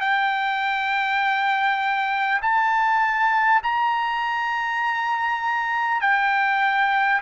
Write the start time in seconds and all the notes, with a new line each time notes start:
0.00 G5
2.42 A5
3.63 A#5
6.01 G5